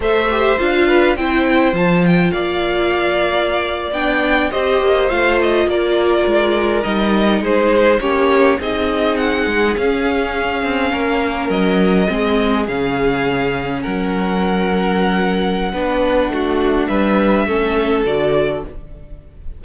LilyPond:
<<
  \new Staff \with { instrumentName = "violin" } { \time 4/4 \tempo 4 = 103 e''4 f''4 g''4 a''8 g''8 | f''2~ f''8. g''4 dis''16~ | dis''8. f''8 dis''8 d''2 dis''16~ | dis''8. c''4 cis''4 dis''4 fis''16~ |
fis''8. f''2. dis''16~ | dis''4.~ dis''16 f''2 fis''16~ | fis''1~ | fis''4 e''2 d''4 | }
  \new Staff \with { instrumentName = "violin" } { \time 4/4 c''4. b'8 c''2 | d''2.~ d''8. c''16~ | c''4.~ c''16 ais'2~ ais'16~ | ais'8. gis'4 g'4 gis'4~ gis'16~ |
gis'2~ gis'8. ais'4~ ais'16~ | ais'8. gis'2. ais'16~ | ais'2. b'4 | fis'4 b'4 a'2 | }
  \new Staff \with { instrumentName = "viola" } { \time 4/4 a'8 g'8 f'4 e'4 f'4~ | f'2~ f'8. d'4 g'16~ | g'8. f'2. dis'16~ | dis'4.~ dis'16 cis'4 dis'4~ dis'16~ |
dis'8. cis'2.~ cis'16~ | cis'8. c'4 cis'2~ cis'16~ | cis'2. d'4~ | d'2 cis'4 fis'4 | }
  \new Staff \with { instrumentName = "cello" } { \time 4/4 a4 d'4 c'4 f4 | ais2~ ais8. b4 c'16~ | c'16 ais8 a4 ais4 gis4 g16~ | g8. gis4 ais4 c'4~ c'16~ |
c'16 gis8 cis'4. c'8 ais4 fis16~ | fis8. gis4 cis2 fis16~ | fis2. b4 | a4 g4 a4 d4 | }
>>